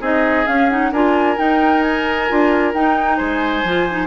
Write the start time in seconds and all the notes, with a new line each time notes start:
0.00 C4 D#4 G#4 D#5
0.46 C#4 F5
0.69 D#4 F#5
0.91 D4 F4 A#4 G#5
1.36 D#4 G5
1.81 G#5
2.29 D4 F4
2.74 D#4 G5
3.17 G#3 C5 G#5
3.63 F3 F4
3.90 D#4